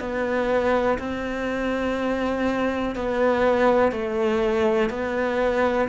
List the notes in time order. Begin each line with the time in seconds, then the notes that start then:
0.00 B3
0.99 C4
2.96 B3
3.93 A3
4.90 B3